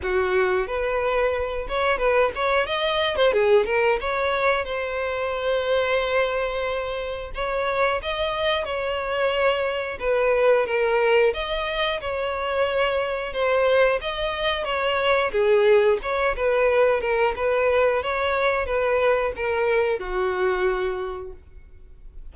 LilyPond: \new Staff \with { instrumentName = "violin" } { \time 4/4 \tempo 4 = 90 fis'4 b'4. cis''8 b'8 cis''8 | dis''8. c''16 gis'8 ais'8 cis''4 c''4~ | c''2. cis''4 | dis''4 cis''2 b'4 |
ais'4 dis''4 cis''2 | c''4 dis''4 cis''4 gis'4 | cis''8 b'4 ais'8 b'4 cis''4 | b'4 ais'4 fis'2 | }